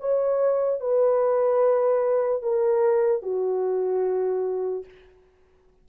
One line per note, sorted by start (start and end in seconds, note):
0.00 0.80 C#5
0.80 2.42 B4
2.43 3.22 A#4
3.22 4.85 F#4